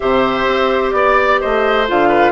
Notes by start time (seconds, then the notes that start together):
0.00 C3 G4 C5 E5
0.46 C4
0.91 B3 D5
1.40 A3 C5 D#5
1.88 D3 F4 F5
2.08 B4